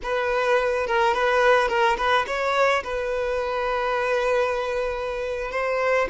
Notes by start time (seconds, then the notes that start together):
0.02 B4
0.86 A#4
1.14 B4
1.68 A#4
1.97 B4
2.26 C#5
2.83 B4
5.51 C5